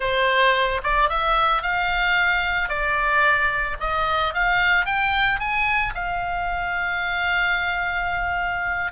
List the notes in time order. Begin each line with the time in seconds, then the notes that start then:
0.00 C5
0.83 D5
1.09 E5
1.62 F5
2.69 D5
3.80 D#5
4.34 F5
4.85 G5
5.39 G#5
5.94 F5